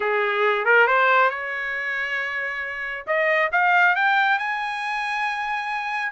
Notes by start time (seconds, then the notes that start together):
0.00 G#4
0.65 A#4
0.87 C5
1.30 C#5
3.06 D#5
3.52 F5
3.95 G5
4.39 G#5